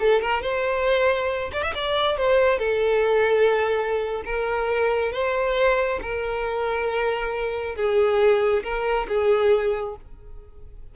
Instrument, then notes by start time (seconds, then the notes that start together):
violin
0.00 A4
0.22 A#4
0.42 C5
1.53 D5
1.63 E5
1.75 D5
2.18 C5
2.59 A4
4.25 A#4
5.12 C5
6.02 A#4
7.76 G#4
8.64 A#4
9.09 G#4